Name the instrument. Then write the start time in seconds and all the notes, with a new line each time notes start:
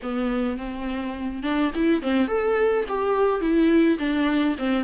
viola
0.02 B3
0.57 C4
1.42 D4
1.74 E4
2.02 C4
2.27 A4
2.88 G4
3.41 E4
3.98 D4
4.58 C4